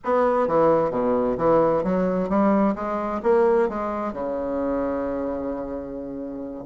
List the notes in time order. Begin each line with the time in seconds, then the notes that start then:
0.04 B3
0.47 E3
0.91 B2
1.37 E3
1.83 F#3
2.29 G3
2.75 G#3
3.22 A#3
3.68 G#3
4.13 C#3